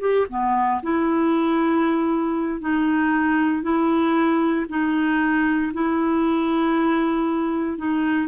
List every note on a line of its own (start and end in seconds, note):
0.00 0.26 G4
0.29 0.81 B3
0.83 2.61 E4
2.61 3.62 D#4
3.62 4.66 E4
4.69 5.72 D#4
5.73 7.78 E4
7.78 8.28 D#4